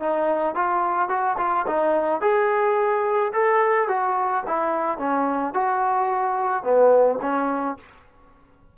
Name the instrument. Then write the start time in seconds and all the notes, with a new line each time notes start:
trombone
0.00 D#4
0.55 F4
1.09 F#4
1.38 F4
1.67 D#4
2.21 G#4
3.33 A4
3.89 F#4
4.47 E4
4.99 C#4
5.54 F#4
6.64 B3
7.22 C#4